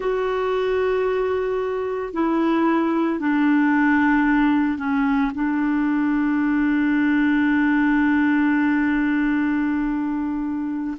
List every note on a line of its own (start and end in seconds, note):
0.00 2.13 F#4
2.13 3.19 E4
3.19 4.78 D4
4.78 5.31 C#4
5.34 10.97 D4